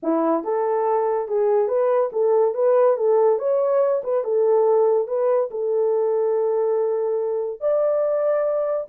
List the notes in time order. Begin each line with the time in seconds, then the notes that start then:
0.02 E4
0.43 A4
1.28 G#4
1.67 B4
2.12 A4
2.54 B4
2.96 A4
3.38 C#5
4.03 B4
4.23 A4
5.07 B4
5.50 A4
7.60 D5